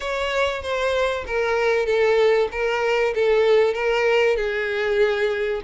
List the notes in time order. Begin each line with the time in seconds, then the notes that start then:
0.00 C#5
0.62 C5
1.26 A#4
1.86 A4
2.51 A#4
3.14 A4
3.74 A#4
4.36 G#4